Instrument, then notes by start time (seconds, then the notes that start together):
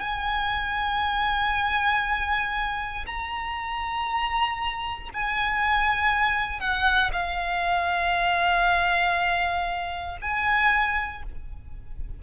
violin
0.00 G#5
3.06 A#5
5.13 G#5
6.60 F#5
7.12 F5
10.21 G#5